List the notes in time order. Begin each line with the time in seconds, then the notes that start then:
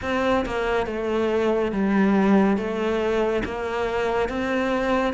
0.02 C4
0.45 A#3
0.86 A3
1.71 G3
2.57 A3
3.44 A#3
4.29 C4